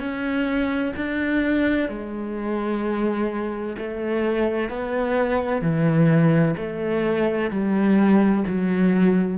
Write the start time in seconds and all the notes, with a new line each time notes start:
0.00 C#4
0.97 D4
1.89 G#3
3.78 A3
4.70 B3
5.62 E3
6.57 A3
7.51 G3
8.48 F#3